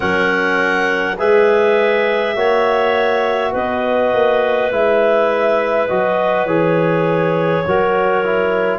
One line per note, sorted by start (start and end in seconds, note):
0.00 1.18 F#3
0.00 1.16 C#4
0.00 1.17 A#4
0.00 1.16 F#5
1.18 2.35 G#3
1.18 2.36 G#4
1.18 2.36 B4
1.18 3.54 E5
2.35 3.53 A#3
2.35 4.71 F#4
2.35 3.51 C#5
3.51 4.13 B3
3.51 7.63 B4
3.51 4.72 D#5
4.13 4.71 A#3
4.71 5.88 G#3
4.71 5.89 E4
4.71 5.87 E5
5.87 6.45 F#3
5.87 6.47 F#4
5.87 6.45 D#5
6.45 7.63 E3
6.45 7.65 G#4
6.45 8.78 C#5
7.66 8.78 F#3
7.66 8.24 F#4
7.66 8.78 A#4
8.24 8.78 E4